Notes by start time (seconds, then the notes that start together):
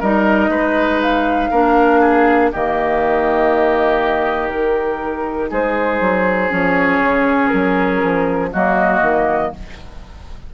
0.00 G3 D#4 A#4 D#5
0.49 G#3 B4
1.02 F5
1.51 A#3 D4 A#4
2.00 G#4
2.52 D#3 A#3 G4 D#5
4.49 D#4 A#4
5.50 G#3 G#4 C5
6.00 F#3
6.50 F3 C#4 C#5
7.00 C#3
7.48 F#3 A#4
8.03 F3
8.52 F#3 A#3 F#4 D#5
9.01 D#3